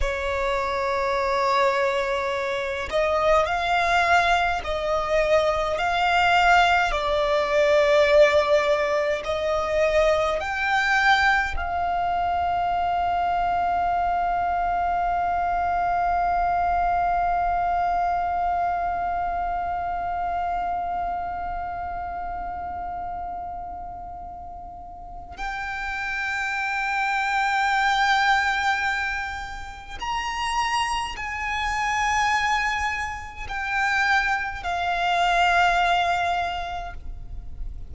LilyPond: \new Staff \with { instrumentName = "violin" } { \time 4/4 \tempo 4 = 52 cis''2~ cis''8 dis''8 f''4 | dis''4 f''4 d''2 | dis''4 g''4 f''2~ | f''1~ |
f''1~ | f''2 g''2~ | g''2 ais''4 gis''4~ | gis''4 g''4 f''2 | }